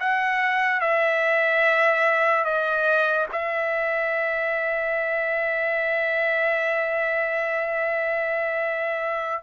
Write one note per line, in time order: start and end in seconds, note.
0.00 0.81 F#5
0.81 2.45 E5
2.45 3.27 D#5
3.33 9.44 E5